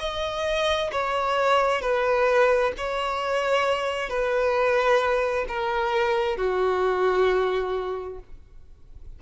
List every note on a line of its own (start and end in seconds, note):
0.00 0.91 D#5
0.92 1.82 C#5
1.82 2.73 B4
2.78 4.10 C#5
4.10 5.46 B4
5.49 6.38 A#4
6.38 8.19 F#4